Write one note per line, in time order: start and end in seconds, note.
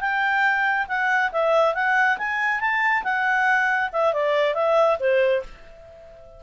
0.00 0.86 G5
0.88 1.31 F#5
1.32 1.74 E5
1.74 2.17 F#5
2.18 2.60 G#5
2.60 3.03 A5
3.03 3.89 F#5
3.92 4.13 E5
4.13 4.54 D5
4.54 4.97 E5
4.99 5.43 C5